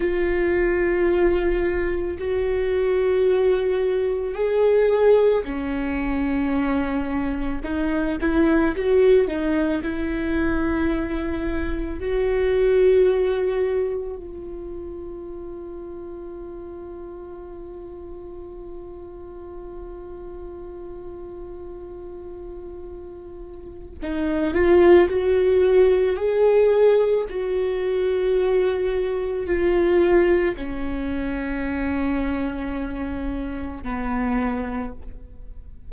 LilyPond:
\new Staff \with { instrumentName = "viola" } { \time 4/4 \tempo 4 = 55 f'2 fis'2 | gis'4 cis'2 dis'8 e'8 | fis'8 dis'8 e'2 fis'4~ | fis'4 f'2.~ |
f'1~ | f'2 dis'8 f'8 fis'4 | gis'4 fis'2 f'4 | cis'2. b4 | }